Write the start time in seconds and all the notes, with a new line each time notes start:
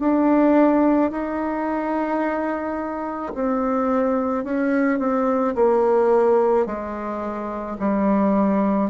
0.00 D4
1.11 D#4
3.35 C4
4.44 C#4
4.99 C4
5.56 A#3
6.66 G#3
7.79 G3